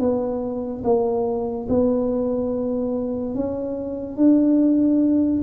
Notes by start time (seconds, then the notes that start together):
0.00 B3
0.84 A#3
1.69 B3
3.35 C#4
4.17 D4